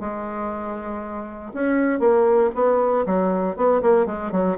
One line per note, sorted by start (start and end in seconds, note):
0.00 1.53 G#3
1.54 2.00 C#4
2.00 2.51 A#3
2.55 3.06 B3
3.06 3.56 F#3
3.56 3.82 B3
3.82 4.06 A#3
4.06 4.32 G#3
4.32 4.57 F#3